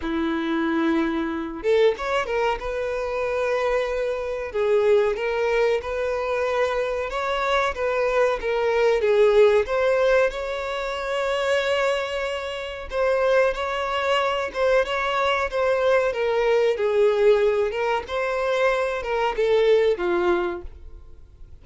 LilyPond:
\new Staff \with { instrumentName = "violin" } { \time 4/4 \tempo 4 = 93 e'2~ e'8 a'8 cis''8 ais'8 | b'2. gis'4 | ais'4 b'2 cis''4 | b'4 ais'4 gis'4 c''4 |
cis''1 | c''4 cis''4. c''8 cis''4 | c''4 ais'4 gis'4. ais'8 | c''4. ais'8 a'4 f'4 | }